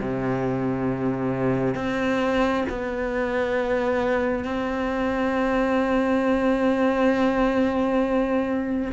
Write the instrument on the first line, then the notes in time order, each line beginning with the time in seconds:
cello
0.00 C3
1.75 C4
2.69 B3
4.44 C4